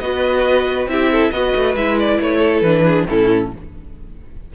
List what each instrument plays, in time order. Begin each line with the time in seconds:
0.00 cello B3, viola F#4, violin B4 D#5
0.87 cello C4, viola E4, violin G4 E5
1.12 violin A4
1.32 cello B3, viola F#4, violin B4 D#5
1.56 cello A3
1.76 cello G#3, viola E4, violin E5
1.99 violin D5
2.21 cello A3, violin C#5
2.39 violin A4
2.61 cello E3, viola D4, violin B4
2.86 violin G#4
3.08 cello A2, viola C#4, violin E4 A4